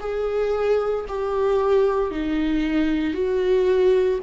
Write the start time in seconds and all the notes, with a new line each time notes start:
0.00 G#4
1.08 G4
2.11 D#4
3.13 F#4